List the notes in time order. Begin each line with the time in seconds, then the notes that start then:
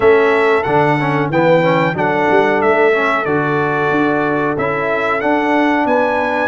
0.00 A3 C#4 A4 E5
0.63 D3 D4 F#5
1.00 C#4
1.29 E3 B3 B4 G5
1.62 C#4
1.94 F#3 D4 A4 F#5
2.30 G3
2.61 A3 E5
2.93 C#4
3.25 D3 F#4 D5
3.90 D4
4.57 C#4 E4 E5
5.20 D4 F#5
5.85 B3 B4 G#5